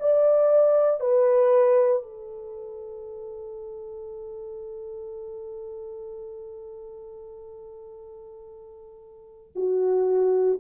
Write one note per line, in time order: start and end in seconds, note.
0.00 1.01 D5
1.01 2.03 B4
2.03 9.53 A4
9.55 10.59 F#4